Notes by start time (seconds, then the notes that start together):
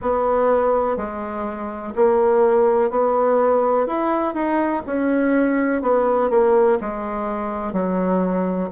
0.01 B3
0.97 G#3
1.95 A#3
2.90 B3
3.86 E4
4.34 D#4
4.86 C#4
5.82 B3
6.29 A#3
6.80 G#3
7.72 F#3